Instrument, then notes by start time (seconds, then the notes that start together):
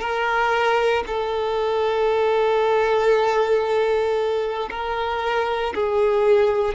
violin
0.00 A#4
1.07 A4
4.70 A#4
5.74 G#4